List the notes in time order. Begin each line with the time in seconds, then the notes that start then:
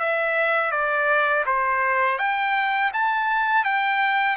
0.00 E5
0.72 D5
1.46 C5
2.19 G5
2.94 A5
3.65 G5